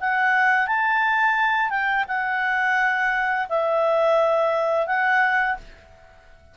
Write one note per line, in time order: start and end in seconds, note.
0.00 0.67 F#5
0.67 1.70 A5
1.70 2.05 G5
2.08 3.47 F#5
3.49 4.87 E5
4.87 5.57 F#5